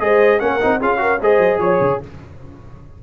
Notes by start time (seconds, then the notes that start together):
0.00 G#3 G#4 C5 D#5
0.39 A#3 C#4 A#4 F#5
0.60 C4 D#4
0.80 C#4 F4 G#4 F5
0.98 F#4 A#4
1.21 G#3 G#4 C5 D#5
1.39 F#3
1.59 F3 C#5
1.81 C#3